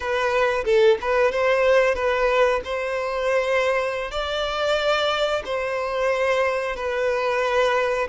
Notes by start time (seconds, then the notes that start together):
0.00 B4
0.64 A4
1.01 B4
1.31 C5
1.95 B4
2.64 C5
4.11 D5
5.45 C5
6.76 B4